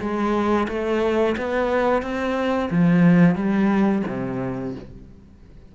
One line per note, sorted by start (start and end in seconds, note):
0.00 0.67 G#3
0.68 1.35 A3
1.37 2.02 B3
2.02 2.69 C4
2.70 3.35 F3
3.35 4.03 G3
4.08 4.75 C3